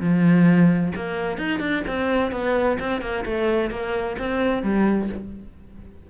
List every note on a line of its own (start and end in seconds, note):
0.00 0.92 F3
0.96 1.37 A#3
1.37 1.59 D#4
1.59 1.83 D4
1.87 2.32 C4
2.32 2.78 B3
2.79 3.01 C4
3.01 3.24 A#3
3.25 3.70 A3
3.70 4.16 A#3
4.19 4.63 C4
4.63 5.09 G3